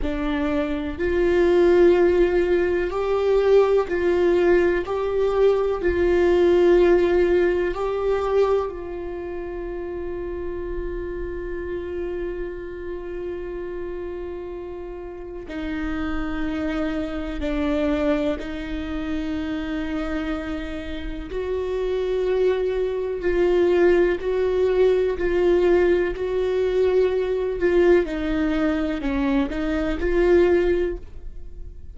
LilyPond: \new Staff \with { instrumentName = "viola" } { \time 4/4 \tempo 4 = 62 d'4 f'2 g'4 | f'4 g'4 f'2 | g'4 f'2.~ | f'1 |
dis'2 d'4 dis'4~ | dis'2 fis'2 | f'4 fis'4 f'4 fis'4~ | fis'8 f'8 dis'4 cis'8 dis'8 f'4 | }